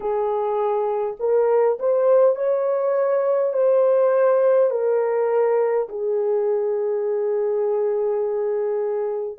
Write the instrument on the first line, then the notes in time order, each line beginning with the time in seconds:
horn
0.00 G#4
1.19 A#4
1.79 C5
2.35 C#5
3.53 C5
4.70 A#4
5.88 G#4